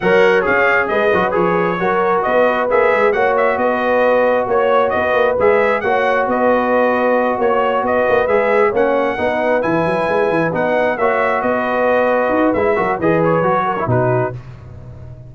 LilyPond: <<
  \new Staff \with { instrumentName = "trumpet" } { \time 4/4 \tempo 4 = 134 fis''4 f''4 dis''4 cis''4~ | cis''4 dis''4 e''4 fis''8 e''8 | dis''2 cis''4 dis''4 | e''4 fis''4 dis''2~ |
dis''8 cis''4 dis''4 e''4 fis''8~ | fis''4. gis''2 fis''8~ | fis''8 e''4 dis''2~ dis''8 | e''4 dis''8 cis''4. b'4 | }
  \new Staff \with { instrumentName = "horn" } { \time 4/4 cis''2 b'2 | ais'4 b'2 cis''4 | b'2 cis''4 b'4~ | b'4 cis''4 b'2~ |
b'8 cis''4 b'2 cis''8~ | cis''8 b'2.~ b'8~ | b'8 cis''4 b'2~ b'8~ | b'8 ais'8 b'4. ais'8 fis'4 | }
  \new Staff \with { instrumentName = "trombone" } { \time 4/4 ais'4 gis'4. fis'8 gis'4 | fis'2 gis'4 fis'4~ | fis'1 | gis'4 fis'2.~ |
fis'2~ fis'8 gis'4 cis'8~ | cis'8 dis'4 e'2 dis'8~ | dis'8 fis'2.~ fis'8 | e'8 fis'8 gis'4 fis'8. e'16 dis'4 | }
  \new Staff \with { instrumentName = "tuba" } { \time 4/4 fis4 cis'4 gis8 fis8 f4 | fis4 b4 ais8 gis8 ais4 | b2 ais4 b8 ais8 | gis4 ais4 b2~ |
b8 ais4 b8 ais8 gis4 ais8~ | ais8 b4 e8 fis8 gis8 e8 b8~ | b8 ais4 b2 dis'8 | gis8 fis8 e4 fis4 b,4 | }
>>